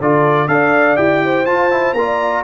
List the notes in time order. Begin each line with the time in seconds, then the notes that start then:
0.00 D3 F4 A4 D5
0.48 D4 A4 D5 F5
0.97 E4 G4 G5
1.25 C5
1.46 F4 A5
1.71 E4
1.94 A#3 F4 A#5
2.00 D5